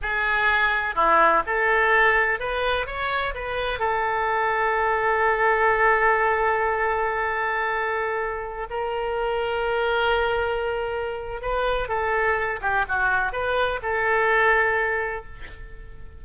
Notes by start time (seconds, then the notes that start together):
0.02 G#4
0.95 E4
1.46 A4
2.39 B4
2.86 C#5
3.34 B4
3.79 A4
8.69 A#4
11.41 B4
11.88 A4
12.61 G4
12.88 F#4
13.32 B4
13.82 A4